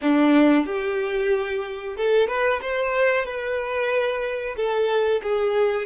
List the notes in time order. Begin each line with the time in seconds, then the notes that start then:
0.01 D4
0.66 G4
1.96 A4
2.28 B4
2.61 C5
3.25 B4
4.56 A4
5.22 G#4